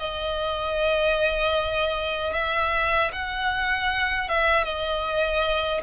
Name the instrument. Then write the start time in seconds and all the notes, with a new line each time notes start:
violin
0.00 D#5
2.34 E5
3.12 F#5
4.29 E5
4.64 D#5